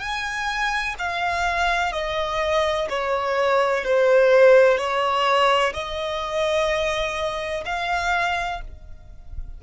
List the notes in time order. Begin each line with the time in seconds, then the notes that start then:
0.00 G#5
0.99 F5
1.92 D#5
2.90 C#5
3.84 C5
4.77 C#5
5.74 D#5
7.66 F5